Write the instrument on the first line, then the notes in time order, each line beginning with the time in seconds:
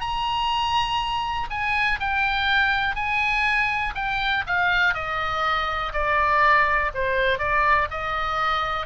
oboe
0.00 A#5
1.50 G#5
2.00 G5
2.95 G#5
3.95 G5
4.47 F5
4.94 D#5
5.93 D5
6.94 C5
7.39 D5
7.90 D#5